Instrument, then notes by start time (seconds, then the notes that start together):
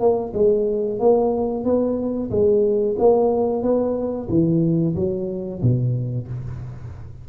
tuba
0.00 A#3
0.34 G#3
1.00 A#3
1.65 B3
2.31 G#3
2.99 A#3
3.63 B3
4.29 E3
4.96 F#3
5.62 B2